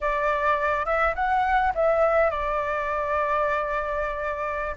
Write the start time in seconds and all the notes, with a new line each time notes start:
0.00 D5
0.85 E5
1.15 F#5
1.75 E5
2.30 D5